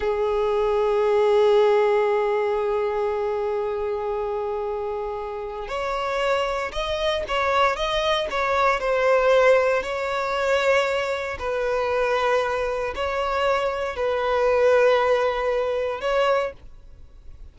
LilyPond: \new Staff \with { instrumentName = "violin" } { \time 4/4 \tempo 4 = 116 gis'1~ | gis'1~ | gis'2. cis''4~ | cis''4 dis''4 cis''4 dis''4 |
cis''4 c''2 cis''4~ | cis''2 b'2~ | b'4 cis''2 b'4~ | b'2. cis''4 | }